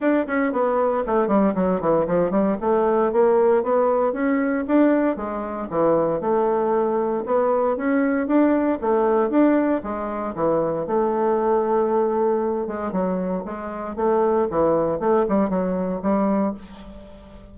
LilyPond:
\new Staff \with { instrumentName = "bassoon" } { \time 4/4 \tempo 4 = 116 d'8 cis'8 b4 a8 g8 fis8 e8 | f8 g8 a4 ais4 b4 | cis'4 d'4 gis4 e4 | a2 b4 cis'4 |
d'4 a4 d'4 gis4 | e4 a2.~ | a8 gis8 fis4 gis4 a4 | e4 a8 g8 fis4 g4 | }